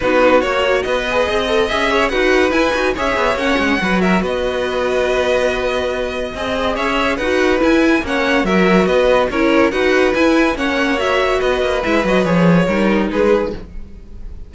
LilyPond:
<<
  \new Staff \with { instrumentName = "violin" } { \time 4/4 \tempo 4 = 142 b'4 cis''4 dis''2 | e''4 fis''4 gis''4 e''4 | fis''4. e''8 dis''2~ | dis''1 |
e''4 fis''4 gis''4 fis''4 | e''4 dis''4 cis''4 fis''4 | gis''4 fis''4 e''4 dis''4 | e''8 dis''8 cis''2 b'4 | }
  \new Staff \with { instrumentName = "violin" } { \time 4/4 fis'2 b'4 dis''4~ | dis''8 cis''8 b'2 cis''4~ | cis''4 b'8 ais'8 b'2~ | b'2. dis''4 |
cis''4 b'2 cis''4 | ais'4 b'4 ais'4 b'4~ | b'4 cis''2 b'4~ | b'2 ais'4 gis'4 | }
  \new Staff \with { instrumentName = "viola" } { \time 4/4 dis'4 fis'4. gis'4 a'8 | gis'4 fis'4 e'8 fis'8 gis'4 | cis'4 fis'2.~ | fis'2. gis'4~ |
gis'4 fis'4 e'4 cis'4 | fis'2 e'4 fis'4 | e'4 cis'4 fis'2 | e'8 fis'8 gis'4 dis'2 | }
  \new Staff \with { instrumentName = "cello" } { \time 4/4 b4 ais4 b4 c'4 | cis'4 dis'4 e'8 dis'8 cis'8 b8 | ais8 gis8 fis4 b2~ | b2. c'4 |
cis'4 dis'4 e'4 ais4 | fis4 b4 cis'4 dis'4 | e'4 ais2 b8 ais8 | gis8 fis8 f4 g4 gis4 | }
>>